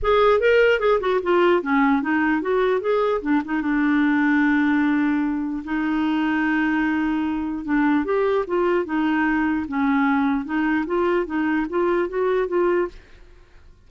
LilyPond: \new Staff \with { instrumentName = "clarinet" } { \time 4/4 \tempo 4 = 149 gis'4 ais'4 gis'8 fis'8 f'4 | cis'4 dis'4 fis'4 gis'4 | d'8 dis'8 d'2.~ | d'2 dis'2~ |
dis'2. d'4 | g'4 f'4 dis'2 | cis'2 dis'4 f'4 | dis'4 f'4 fis'4 f'4 | }